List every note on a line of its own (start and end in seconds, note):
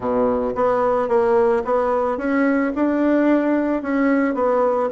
0.00 0.54 B2
0.55 1.08 B3
1.08 1.62 A#3
1.65 2.17 B3
2.17 2.71 C#4
2.75 3.82 D4
3.82 4.34 C#4
4.34 4.89 B3